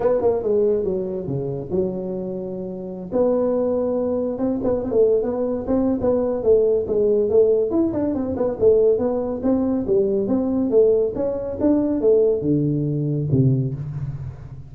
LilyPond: \new Staff \with { instrumentName = "tuba" } { \time 4/4 \tempo 4 = 140 b8 ais8 gis4 fis4 cis4 | fis2.~ fis16 b8.~ | b2~ b16 c'8 b8 c'16 a8~ | a16 b4 c'8. b4 a4 |
gis4 a4 e'8 d'8 c'8 b8 | a4 b4 c'4 g4 | c'4 a4 cis'4 d'4 | a4 d2 c4 | }